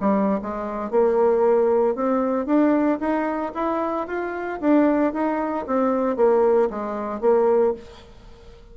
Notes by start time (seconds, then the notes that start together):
0.00 G3
0.42 G#3
0.90 A#3
1.95 C4
2.45 D4
3.00 D#4
3.54 E4
4.07 F4
4.60 D4
5.13 D#4
5.66 C4
6.16 A#3
6.69 G#3
7.21 A#3